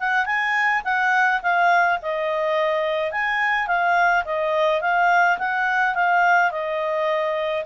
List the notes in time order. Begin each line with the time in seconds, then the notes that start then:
0.00 F#5
0.26 G#5
0.85 F#5
1.43 F5
2.02 D#5
3.12 G#5
3.68 F5
4.25 D#5
4.82 F5
5.39 F#5
5.95 F5
6.51 D#5